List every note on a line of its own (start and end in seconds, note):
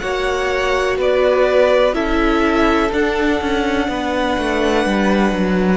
0.00 0.99 A#3
0.00 1.94 F#4
0.00 0.98 C#5
0.00 0.97 F#5
0.98 1.94 B3
0.98 1.95 B4
0.98 1.95 D5
1.94 2.91 C#4
1.94 2.91 E4
1.94 3.89 A4
1.94 2.92 E5
2.92 5.78 D4
2.92 3.41 D4
2.92 5.78 F#5
3.41 3.89 C#4
3.89 4.37 B3
3.89 5.78 B4
4.39 4.86 A3
4.86 5.32 G3
5.32 5.78 F#3